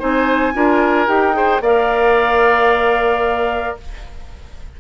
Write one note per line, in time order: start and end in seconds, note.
0.00 0.55 C4
0.00 0.54 D#4
0.00 0.54 C5
0.00 1.09 G#5
0.54 1.08 D4
0.54 1.07 F4
0.54 1.36 A#4
1.07 1.61 D#4
1.07 1.33 G4
1.07 1.62 G5
1.33 1.60 G#4
1.33 1.62 C5
1.61 3.75 A#3
1.61 3.81 A#4
1.61 3.77 D5
1.61 3.77 F5